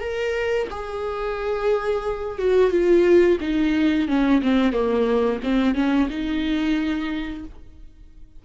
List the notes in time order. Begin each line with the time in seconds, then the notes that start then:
0.00 A#4
0.70 G#4
2.38 F#4
2.70 F4
3.40 D#4
4.08 C#4
4.42 C4
4.72 A#3
5.43 C4
5.74 C#4
6.09 D#4